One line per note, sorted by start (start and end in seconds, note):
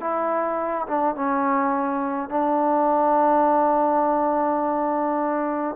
0.00 0.87 E4
0.87 1.15 D4
1.15 2.29 C#4
2.29 5.75 D4